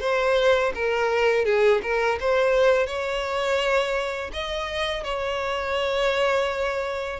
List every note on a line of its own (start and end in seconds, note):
0.00 0.72 C5
0.74 1.45 A#4
1.45 1.81 G#4
1.82 2.18 A#4
2.20 2.86 C5
2.86 4.31 C#5
4.33 5.04 D#5
5.04 7.19 C#5